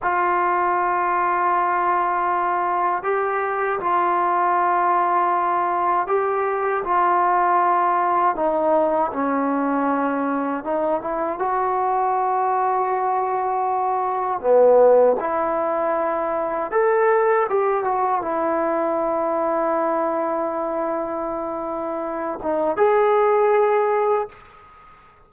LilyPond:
\new Staff \with { instrumentName = "trombone" } { \time 4/4 \tempo 4 = 79 f'1 | g'4 f'2. | g'4 f'2 dis'4 | cis'2 dis'8 e'8 fis'4~ |
fis'2. b4 | e'2 a'4 g'8 fis'8 | e'1~ | e'4. dis'8 gis'2 | }